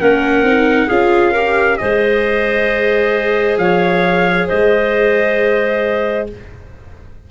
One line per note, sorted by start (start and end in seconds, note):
0.00 0.42 A#3
0.00 0.46 C#4
0.00 0.87 A#4
0.00 0.89 F#5
0.42 0.87 C4
0.42 0.90 D#4
0.87 1.79 C#4
0.87 1.35 F4
0.87 1.31 G#4
0.87 1.77 F5
1.31 1.78 G4
1.31 1.76 A#4
1.77 3.57 G#3
1.77 6.26 G#4
1.77 3.60 C5
1.77 3.56 D#5
3.57 4.47 F3
3.57 4.47 C#5
3.57 4.47 F5
4.47 6.30 G#3
4.47 6.26 C5
4.47 6.28 D#5